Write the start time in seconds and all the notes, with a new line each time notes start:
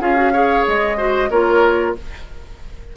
0.00 C#4 F4 G#4 F5
0.16 F#4
0.33 G#4 C#5
0.67 G#3 D#5
0.97 F#4 C5
1.31 A#3 F4 A#4 C#5